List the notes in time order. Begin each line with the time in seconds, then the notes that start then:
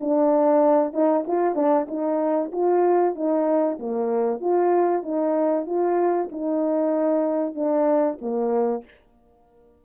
0.00 D4
0.93 D#4
1.27 F4
1.55 D4
1.88 D#4
2.52 F4
3.15 D#4
3.79 A#3
4.40 F4
5.02 D#4
5.66 F4
6.31 D#4
7.54 D4
8.21 A#3